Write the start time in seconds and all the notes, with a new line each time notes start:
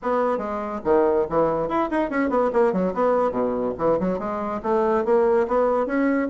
0.02 B3
0.38 G#3
0.84 D#3
1.29 E3
1.68 E4
1.90 D#4
2.09 C#4
2.29 B3
2.53 A#3
2.72 F#3
2.94 B3
3.31 B2
3.78 E3
3.99 F#3
4.18 G#3
4.62 A3
5.05 A#3
5.47 B3
5.86 C#4